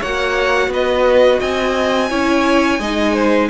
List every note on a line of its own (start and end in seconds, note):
0.00 0.68 A#3
0.00 2.10 F#4
0.00 0.70 C#5
0.00 0.72 F#5
0.68 1.37 B3
0.68 1.40 B4
0.74 1.41 D#5
1.40 2.11 C4
1.40 2.09 D#5
1.40 3.50 G#5
2.10 2.79 C#4
2.10 2.80 E4
2.10 2.80 C#5
2.79 3.49 G#3
2.79 3.50 D#4
2.79 3.13 D#5
3.13 3.48 C5